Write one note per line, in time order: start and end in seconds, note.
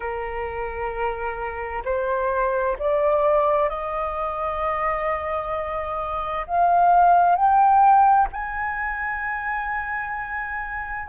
0.00 1.83 A#4
1.84 2.77 C5
2.78 3.69 D5
3.69 6.46 D#5
6.47 7.36 F5
7.36 8.28 G5
8.32 11.08 G#5